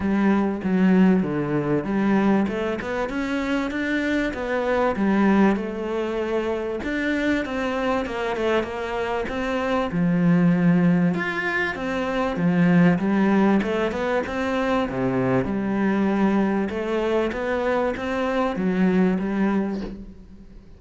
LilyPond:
\new Staff \with { instrumentName = "cello" } { \time 4/4 \tempo 4 = 97 g4 fis4 d4 g4 | a8 b8 cis'4 d'4 b4 | g4 a2 d'4 | c'4 ais8 a8 ais4 c'4 |
f2 f'4 c'4 | f4 g4 a8 b8 c'4 | c4 g2 a4 | b4 c'4 fis4 g4 | }